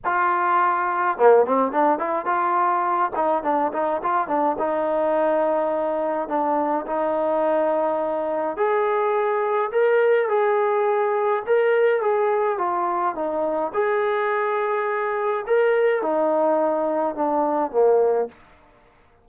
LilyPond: \new Staff \with { instrumentName = "trombone" } { \time 4/4 \tempo 4 = 105 f'2 ais8 c'8 d'8 e'8 | f'4. dis'8 d'8 dis'8 f'8 d'8 | dis'2. d'4 | dis'2. gis'4~ |
gis'4 ais'4 gis'2 | ais'4 gis'4 f'4 dis'4 | gis'2. ais'4 | dis'2 d'4 ais4 | }